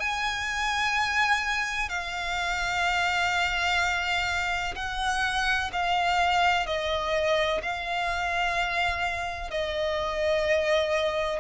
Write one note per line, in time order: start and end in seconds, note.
0.00 1.90 G#5
1.90 4.75 F5
4.76 5.71 F#5
5.73 6.67 F5
6.67 7.62 D#5
7.63 9.51 F5
9.51 11.40 D#5